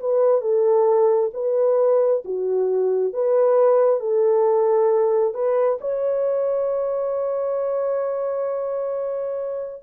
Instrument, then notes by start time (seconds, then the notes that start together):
horn
0.00 B4
0.41 A4
1.34 B4
2.25 F#4
3.13 B4
4.00 A4
5.34 B4
5.80 C#5